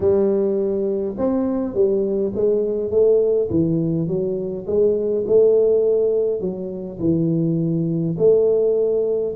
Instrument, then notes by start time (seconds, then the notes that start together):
tuba
0.00 G3
1.17 C4
1.74 G3
2.35 G#3
2.90 A3
3.50 E3
4.07 F#3
4.66 G#3
5.26 A3
6.40 F#3
6.99 E3
8.18 A3